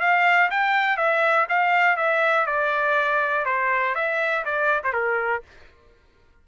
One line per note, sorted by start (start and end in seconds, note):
0.00 0.50 F5
0.50 0.97 G5
0.97 1.47 E5
1.49 1.96 F5
1.96 2.46 E5
2.46 3.45 D5
3.46 3.95 C5
3.95 4.44 E5
4.45 4.82 D5
4.84 4.93 C5
4.93 5.42 A#4